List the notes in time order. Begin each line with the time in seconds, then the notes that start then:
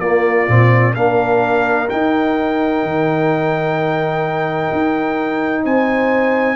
0.00 A#3 F4 D5
0.48 A#2 C4
0.94 A#3 D4 A#4 F5
1.89 D#4 G5
2.83 D#3
4.72 D#4
5.64 C4 C5 G#5